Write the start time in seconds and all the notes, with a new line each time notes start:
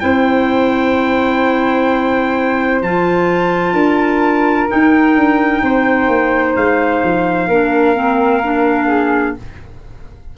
0.00 C4 E4 C5 G5
2.81 F3 F4 A5
3.73 D4 A#4
4.68 D#4 G5
5.15 D4
5.62 C4 C5
6.08 A#3
6.56 G#3 F5
7.03 F3
7.47 A#3 D4 A#4
7.95 C4
8.43 D4
8.87 G#4